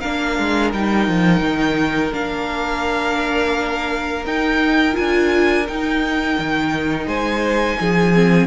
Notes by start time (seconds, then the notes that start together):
0.00 A#3 D4 A#4 F5
0.38 G#3
0.73 G3 D#4 G5
1.08 F3
1.40 D#3
2.12 A#3 D4 F5
4.25 D#4 G5
4.93 D4 F4 G#5
5.68 D#4 G5
6.39 D#3
7.06 G#3 C5 G#5
7.80 F3 G#4
8.14 C4